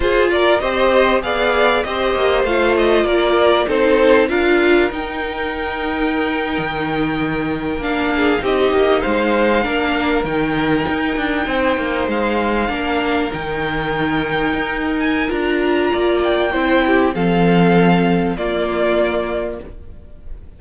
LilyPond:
<<
  \new Staff \with { instrumentName = "violin" } { \time 4/4 \tempo 4 = 98 c''8 d''8 dis''4 f''4 dis''4 | f''8 dis''8 d''4 c''4 f''4 | g''1~ | g''8. f''4 dis''4 f''4~ f''16~ |
f''8. g''2. f''16~ | f''4.~ f''16 g''2~ g''16~ | g''8 gis''8 ais''4. g''4. | f''2 d''2 | }
  \new Staff \with { instrumentName = "violin" } { \time 4/4 gis'8 ais'8 c''4 d''4 c''4~ | c''4 ais'4 a'4 ais'4~ | ais'1~ | ais'4~ ais'16 gis'8 g'4 c''4 ais'16~ |
ais'2~ ais'8. c''4~ c''16~ | c''8. ais'2.~ ais'16~ | ais'2 d''4 c''8 g'8 | a'2 f'2 | }
  \new Staff \with { instrumentName = "viola" } { \time 4/4 f'4 g'4 gis'4 g'4 | f'2 dis'4 f'4 | dis'1~ | dis'8. d'4 dis'2 d'16~ |
d'8. dis'2.~ dis'16~ | dis'8. d'4 dis'2~ dis'16~ | dis'4 f'2 e'4 | c'2 ais2 | }
  \new Staff \with { instrumentName = "cello" } { \time 4/4 f'4 c'4 b4 c'8 ais8 | a4 ais4 c'4 d'4 | dis'2~ dis'8. dis4~ dis16~ | dis8. ais4 c'8 ais8 gis4 ais16~ |
ais8. dis4 dis'8 d'8 c'8 ais8 gis16~ | gis8. ais4 dis2 dis'16~ | dis'4 d'4 ais4 c'4 | f2 ais2 | }
>>